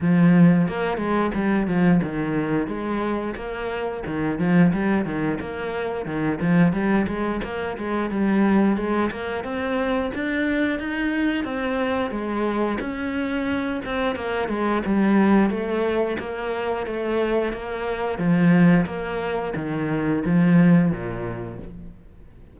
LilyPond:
\new Staff \with { instrumentName = "cello" } { \time 4/4 \tempo 4 = 89 f4 ais8 gis8 g8 f8 dis4 | gis4 ais4 dis8 f8 g8 dis8 | ais4 dis8 f8 g8 gis8 ais8 gis8 | g4 gis8 ais8 c'4 d'4 |
dis'4 c'4 gis4 cis'4~ | cis'8 c'8 ais8 gis8 g4 a4 | ais4 a4 ais4 f4 | ais4 dis4 f4 ais,4 | }